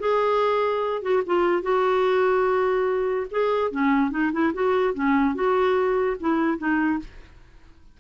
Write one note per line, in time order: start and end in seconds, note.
0.00 1.02 G#4
1.02 1.23 F#4
1.27 1.63 F4
1.63 3.27 F#4
3.31 3.72 G#4
3.72 4.11 C#4
4.11 4.32 D#4
4.33 4.53 E4
4.54 4.94 F#4
4.94 5.35 C#4
5.35 6.17 F#4
6.21 6.58 E4
6.58 7.00 D#4